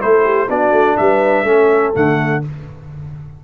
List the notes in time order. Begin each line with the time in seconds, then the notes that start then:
0.00 A3 E4 A4 C5
0.24 G4
0.49 B3 D4 F#4 D5
0.72 A3
0.97 G3 B4 E5
1.44 A3 C#4 A4
1.94 D3 A3 F#5